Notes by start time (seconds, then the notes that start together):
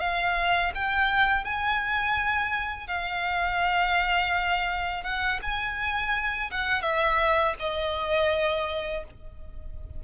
0.00 F5
0.75 G5
1.44 G#5
2.87 F5
5.03 F#5
5.42 G#5
6.51 F#5
6.82 E5
7.59 D#5